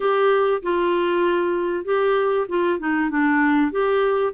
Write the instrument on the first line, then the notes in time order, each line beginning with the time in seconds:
clarinet
0.00 G4
0.62 F4
1.84 G4
2.48 F4
2.79 D#4
3.10 D4
3.71 G4